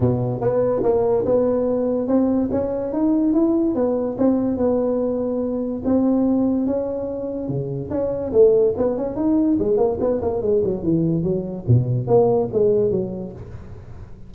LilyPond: \new Staff \with { instrumentName = "tuba" } { \time 4/4 \tempo 4 = 144 b,4 b4 ais4 b4~ | b4 c'4 cis'4 dis'4 | e'4 b4 c'4 b4~ | b2 c'2 |
cis'2 cis4 cis'4 | a4 b8 cis'8 dis'4 gis8 ais8 | b8 ais8 gis8 fis8 e4 fis4 | b,4 ais4 gis4 fis4 | }